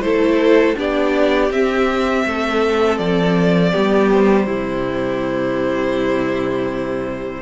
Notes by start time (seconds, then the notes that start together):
0.00 A3 E4 A4 C5
0.75 B3 D4 G4 D5
1.50 C4 E5
2.25 A3 A4
2.98 F3 D5
3.71 G3 B3 G4
4.11 C5
4.46 C3 G3 E4